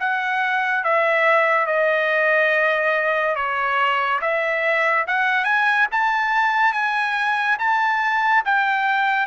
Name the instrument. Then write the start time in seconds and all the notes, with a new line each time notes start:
trumpet
0.00 F#5
0.84 E5
1.67 D#5
3.36 C#5
4.21 E5
5.07 F#5
5.45 G#5
5.92 A5
6.73 G#5
7.59 A5
8.45 G5